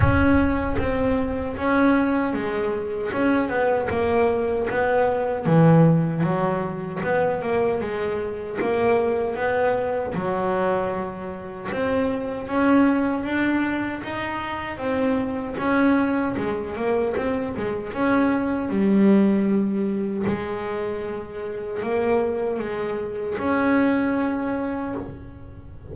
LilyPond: \new Staff \with { instrumentName = "double bass" } { \time 4/4 \tempo 4 = 77 cis'4 c'4 cis'4 gis4 | cis'8 b8 ais4 b4 e4 | fis4 b8 ais8 gis4 ais4 | b4 fis2 c'4 |
cis'4 d'4 dis'4 c'4 | cis'4 gis8 ais8 c'8 gis8 cis'4 | g2 gis2 | ais4 gis4 cis'2 | }